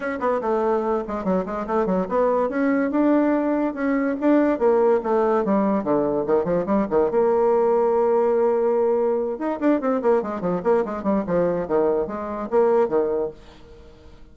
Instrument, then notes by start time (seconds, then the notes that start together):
bassoon
0.00 C#4
0.20 B3
0.41 A3
1.07 G#3
1.24 F#3
1.45 G#3
1.67 A3
1.85 F#3
2.08 B3
2.49 C#4
2.90 D4
3.74 C#4
4.20 D4
4.58 A#3
5.03 A3
5.45 G3
5.83 D3
6.26 D#3
6.44 F3
6.66 G3
6.89 D#3
7.10 A#3
9.38 D#4
9.59 D4
9.80 C4
10.02 A#3
10.22 G#3
10.40 F3
10.63 A#3
10.85 G#3
11.03 G3
11.26 F3
11.67 D#3
12.07 G#3
12.50 A#3
12.88 D#3